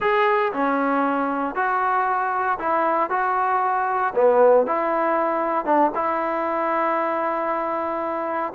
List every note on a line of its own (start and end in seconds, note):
0.00 0.52 G#4
0.53 1.55 C#4
1.55 2.58 F#4
2.59 3.10 E4
3.10 4.13 F#4
4.14 4.66 B3
4.66 5.65 E4
5.65 5.91 D4
5.94 8.53 E4